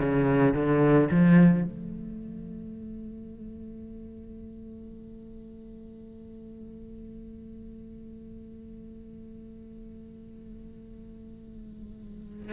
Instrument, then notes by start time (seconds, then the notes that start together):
cello
0.00 C#3
0.55 D3
1.11 F3
1.65 A3